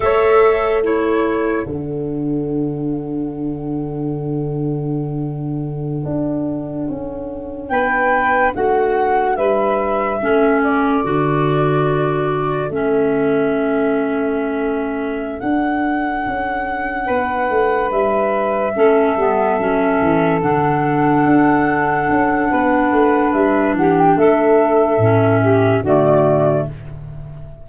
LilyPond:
<<
  \new Staff \with { instrumentName = "flute" } { \time 4/4 \tempo 4 = 72 e''4 cis''4 fis''2~ | fis''1~ | fis''4~ fis''16 g''4 fis''4 e''8.~ | e''8. d''2~ d''8 e''8.~ |
e''2~ e''8 fis''4.~ | fis''4. e''2~ e''8~ | e''8 fis''2.~ fis''8 | e''8 fis''16 g''16 e''2 d''4 | }
  \new Staff \with { instrumentName = "saxophone" } { \time 4/4 cis''4 a'2.~ | a'1~ | a'4~ a'16 b'4 fis'4 b'8.~ | b'16 a'2.~ a'8.~ |
a'1~ | a'8 b'2 a'4.~ | a'2. b'4~ | b'8 g'8 a'4. g'8 fis'4 | }
  \new Staff \with { instrumentName = "clarinet" } { \time 4/4 a'4 e'4 d'2~ | d'1~ | d'1~ | d'16 cis'4 fis'2 cis'8.~ |
cis'2~ cis'8 d'4.~ | d'2~ d'8 cis'8 b8 cis'8~ | cis'8 d'2.~ d'8~ | d'2 cis'4 a4 | }
  \new Staff \with { instrumentName = "tuba" } { \time 4/4 a2 d2~ | d2.~ d16 d'8.~ | d'16 cis'4 b4 a4 g8.~ | g16 a4 d2 a8.~ |
a2~ a8 d'4 cis'8~ | cis'8 b8 a8 g4 a8 g8 fis8 | e8 d4 d'4 cis'8 b8 a8 | g8 e8 a4 a,4 d4 | }
>>